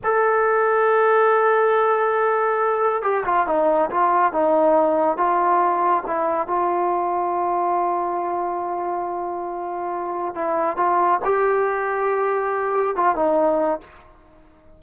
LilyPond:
\new Staff \with { instrumentName = "trombone" } { \time 4/4 \tempo 4 = 139 a'1~ | a'2. g'8 f'8 | dis'4 f'4 dis'2 | f'2 e'4 f'4~ |
f'1~ | f'1 | e'4 f'4 g'2~ | g'2 f'8 dis'4. | }